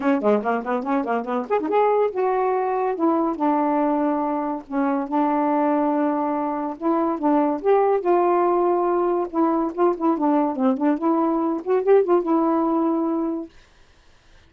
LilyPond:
\new Staff \with { instrumentName = "saxophone" } { \time 4/4 \tempo 4 = 142 cis'8 gis8 ais8 b8 cis'8 ais8 b8 gis'16 dis'16 | gis'4 fis'2 e'4 | d'2. cis'4 | d'1 |
e'4 d'4 g'4 f'4~ | f'2 e'4 f'8 e'8 | d'4 c'8 d'8 e'4. fis'8 | g'8 f'8 e'2. | }